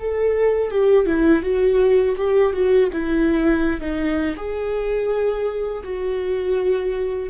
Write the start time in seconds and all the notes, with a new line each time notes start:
0.00 A4
0.71 G4
1.06 E4
1.43 F#4
2.17 G4
2.53 F#4
2.93 E4
3.81 D#4
4.37 G#4
5.84 F#4